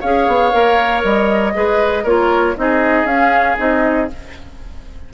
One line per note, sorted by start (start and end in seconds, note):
0.00 0.27 C#4
0.00 0.51 G#4
0.00 1.53 C#5
0.00 1.02 F5
0.27 0.53 B3
0.51 1.03 A#3
0.51 1.53 A#4
1.03 1.54 G3
1.03 2.05 D#5
1.54 2.04 G#3
1.54 2.05 G#4
1.54 2.03 B4
2.03 2.55 A#3
2.03 2.56 F4
2.03 2.54 A#4
2.03 2.56 C#5
2.56 3.04 C4
2.56 3.06 D#4
2.56 4.13 G#4
2.56 3.06 D#5
3.04 3.55 C#4
3.04 3.56 C#4
3.04 3.57 F5
3.56 4.10 C4
3.56 4.07 D#4
3.56 4.10 D#5